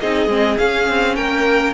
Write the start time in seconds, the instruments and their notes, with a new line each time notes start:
0.00 cello C4, viola D#4, violin G#4 D#5
0.27 cello G#3, viola C4
0.58 viola C#4, cello C#4, violin F5
0.89 cello C4
1.15 cello A#3, violin A#4 G5